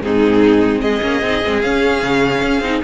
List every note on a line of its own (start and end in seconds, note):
0.00 0.81 G#2
0.00 1.01 C4
0.00 0.82 D#4
0.00 0.81 G#4
0.81 1.01 G#3
0.81 2.84 G#4
0.81 1.61 D#5
1.01 1.21 A#3
1.01 1.21 C#4
1.21 1.42 C4
1.21 1.43 D#4
1.43 1.63 G#3
1.43 1.63 C4
1.61 2.02 C#4
1.61 2.63 C#4
1.61 2.82 F5
2.02 2.41 C#3
2.41 2.61 C#4
2.61 2.81 C4
2.61 2.83 D#4